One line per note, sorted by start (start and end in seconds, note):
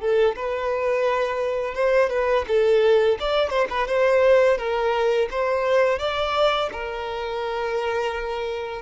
0.00 0.35 A4
0.36 1.75 B4
1.75 2.10 C5
2.10 2.45 B4
2.48 3.18 A4
3.20 3.50 D5
3.50 3.67 C5
3.70 3.87 B4
3.87 4.58 C5
4.58 5.28 A#4
5.30 5.99 C5
5.99 6.70 D5
6.72 8.82 A#4